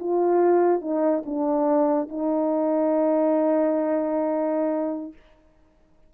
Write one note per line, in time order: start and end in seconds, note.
0.00 0.82 F4
0.82 1.24 D#4
1.26 2.09 D4
2.09 5.13 D#4